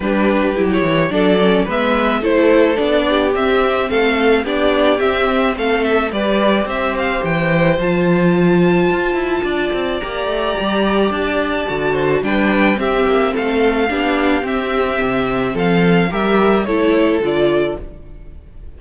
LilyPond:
<<
  \new Staff \with { instrumentName = "violin" } { \time 4/4 \tempo 4 = 108 b'4~ b'16 cis''8. d''4 e''4 | c''4 d''4 e''4 f''4 | d''4 e''4 f''8 e''8 d''4 | e''8 f''8 g''4 a''2~ |
a''2 ais''2 | a''2 g''4 e''4 | f''2 e''2 | f''4 e''4 cis''4 d''4 | }
  \new Staff \with { instrumentName = "violin" } { \time 4/4 g'2 a'4 b'4 | a'4. g'4. a'4 | g'2 a'4 b'4 | c''1~ |
c''4 d''2.~ | d''4. c''8 b'4 g'4 | a'4 g'2. | a'4 ais'4 a'2 | }
  \new Staff \with { instrumentName = "viola" } { \time 4/4 d'4 e'4 d'8 cis'8 b4 | e'4 d'4 c'2 | d'4 c'2 g'4~ | g'2 f'2~ |
f'2 g'2~ | g'4 fis'4 d'4 c'4~ | c'4 d'4 c'2~ | c'4 g'4 e'4 f'4 | }
  \new Staff \with { instrumentName = "cello" } { \time 4/4 g4 fis8 e8 fis4 gis4 | a4 b4 c'4 a4 | b4 c'4 a4 g4 | c'4 e4 f2 |
f'8 e'8 d'8 c'8 ais8 a8 g4 | d'4 d4 g4 c'8 ais8 | a4 b4 c'4 c4 | f4 g4 a4 d4 | }
>>